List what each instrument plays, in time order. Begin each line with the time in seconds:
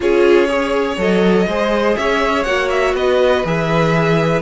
0.00 cello C#4, viola F4, violin G#4 C#5
0.48 viola G#4, violin C#5
0.97 cello F#3, viola A4, violin D#5
1.47 cello G#3, viola G#4, violin C5
1.96 cello C#4, violin C#5 E5
2.43 cello A#3, viola F#4, violin F#5
2.69 violin E5
2.94 cello B3, violin B4 D#5
3.44 cello E3, viola G#4, violin E5